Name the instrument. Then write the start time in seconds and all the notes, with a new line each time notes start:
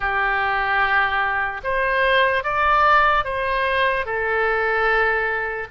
oboe
0.00 G4
1.63 C5
2.43 D5
3.24 C5
4.05 A4